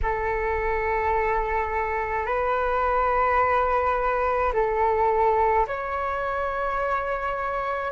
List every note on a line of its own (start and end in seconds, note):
0.02 2.26 A4
2.26 4.52 B4
4.53 5.66 A4
5.67 7.91 C#5